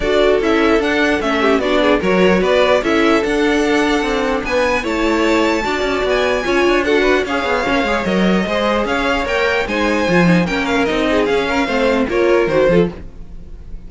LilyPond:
<<
  \new Staff \with { instrumentName = "violin" } { \time 4/4 \tempo 4 = 149 d''4 e''4 fis''4 e''4 | d''4 cis''4 d''4 e''4 | fis''2. gis''4 | a''2. gis''4~ |
gis''4 fis''4 f''2 | dis''2 f''4 g''4 | gis''2 g''8 f''8 dis''4 | f''2 cis''4 c''4 | }
  \new Staff \with { instrumentName = "violin" } { \time 4/4 a'2.~ a'8 g'8 | fis'8 gis'8 ais'4 b'4 a'4~ | a'2. b'4 | cis''2 d''2 |
cis''4 a'8 b'8 cis''2~ | cis''4 c''4 cis''2 | c''2 ais'4. gis'8~ | gis'8 ais'8 c''4 ais'4. a'8 | }
  \new Staff \with { instrumentName = "viola" } { \time 4/4 fis'4 e'4 d'4 cis'4 | d'4 fis'2 e'4 | d'1 | e'2 fis'2 |
f'4 fis'4 gis'4 cis'8 gis'8 | ais'4 gis'2 ais'4 | dis'4 f'8 dis'8 cis'4 dis'4 | cis'4 c'4 f'4 fis'8 f'8 | }
  \new Staff \with { instrumentName = "cello" } { \time 4/4 d'4 cis'4 d'4 a4 | b4 fis4 b4 cis'4 | d'2 c'4 b4 | a2 d'8 cis'8 b4 |
cis'8 d'4. cis'8 b8 ais8 gis8 | fis4 gis4 cis'4 ais4 | gis4 f4 ais4 c'4 | cis'4 a4 ais4 dis8 f8 | }
>>